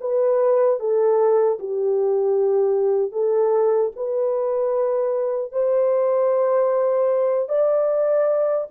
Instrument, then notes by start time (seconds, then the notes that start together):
horn
0.00 B4
0.79 A4
1.59 G4
3.11 A4
3.95 B4
5.52 C5
7.48 D5